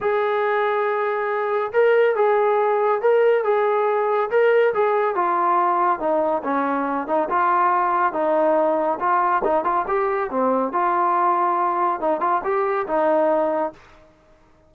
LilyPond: \new Staff \with { instrumentName = "trombone" } { \time 4/4 \tempo 4 = 140 gis'1 | ais'4 gis'2 ais'4 | gis'2 ais'4 gis'4 | f'2 dis'4 cis'4~ |
cis'8 dis'8 f'2 dis'4~ | dis'4 f'4 dis'8 f'8 g'4 | c'4 f'2. | dis'8 f'8 g'4 dis'2 | }